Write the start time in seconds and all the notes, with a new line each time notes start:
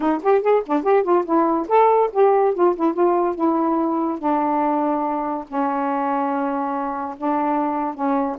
0.00 D#4
0.22 G4
0.41 G#4
0.66 D4
0.83 G4
1.03 F4
1.25 E4
1.68 A4
2.12 G4
2.54 F4
2.75 E4
2.93 F4
3.35 E4
4.18 D4
5.48 C#4
7.17 D4
7.94 C#4